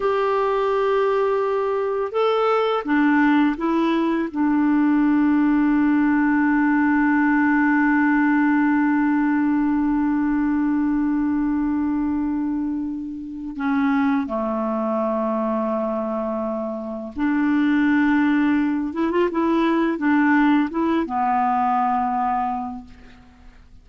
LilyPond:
\new Staff \with { instrumentName = "clarinet" } { \time 4/4 \tempo 4 = 84 g'2. a'4 | d'4 e'4 d'2~ | d'1~ | d'1~ |
d'2. cis'4 | a1 | d'2~ d'8 e'16 f'16 e'4 | d'4 e'8 b2~ b8 | }